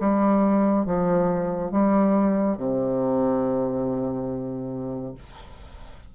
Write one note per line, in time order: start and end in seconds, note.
0.00 0.86 G3
0.86 1.71 F3
1.71 2.57 G3
2.57 5.14 C3